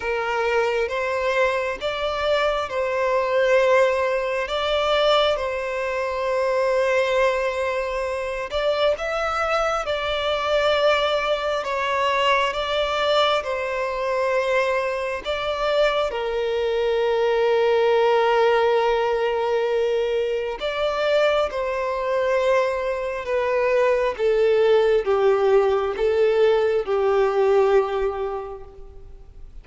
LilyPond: \new Staff \with { instrumentName = "violin" } { \time 4/4 \tempo 4 = 67 ais'4 c''4 d''4 c''4~ | c''4 d''4 c''2~ | c''4. d''8 e''4 d''4~ | d''4 cis''4 d''4 c''4~ |
c''4 d''4 ais'2~ | ais'2. d''4 | c''2 b'4 a'4 | g'4 a'4 g'2 | }